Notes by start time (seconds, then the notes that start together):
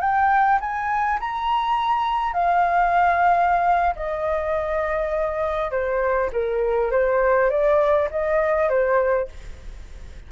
0.00 G5
0.60 G#5
1.20 A#5
2.33 F5
3.95 D#5
5.71 C5
6.32 A#4
6.91 C5
7.50 D5
8.10 D#5
8.69 C5